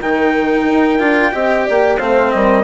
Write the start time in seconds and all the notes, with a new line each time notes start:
0.00 D#3 D#4 A#4 G5
0.69 D#4
0.99 D4 F4
1.32 C4 G4 D#5
1.66 A#3 D5
1.98 A3 C4 C5 F5
2.31 G3 A#4 D#5